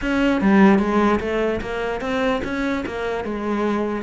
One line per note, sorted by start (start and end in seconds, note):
0.01 0.41 C#4
0.41 0.79 G3
0.79 1.19 G#3
1.20 1.60 A3
1.61 2.01 A#3
2.01 2.41 C4
2.43 2.84 C#4
2.86 3.24 A#3
3.24 4.02 G#3